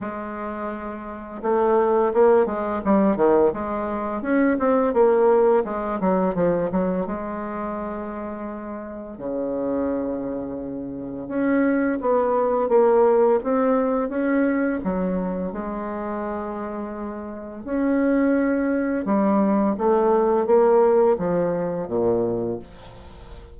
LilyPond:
\new Staff \with { instrumentName = "bassoon" } { \time 4/4 \tempo 4 = 85 gis2 a4 ais8 gis8 | g8 dis8 gis4 cis'8 c'8 ais4 | gis8 fis8 f8 fis8 gis2~ | gis4 cis2. |
cis'4 b4 ais4 c'4 | cis'4 fis4 gis2~ | gis4 cis'2 g4 | a4 ais4 f4 ais,4 | }